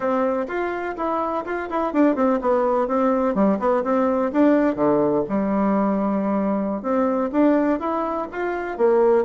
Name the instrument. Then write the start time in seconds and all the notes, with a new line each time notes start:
bassoon
0.00 C4
0.47 F4
0.96 E4
1.45 F4
1.69 E4
1.93 D4
2.15 C4
2.41 B3
2.87 C4
3.34 G3
3.59 B3
3.83 C4
4.32 D4
4.75 D3
5.28 G3
6.82 C4
7.32 D4
7.79 E4
8.31 F4
8.77 A#3